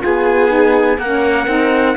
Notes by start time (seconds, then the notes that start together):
0.00 B3 F4 G#4 G#5
0.49 D#4
0.98 A#3 C#4 A#4 F#5
1.47 C4 D#4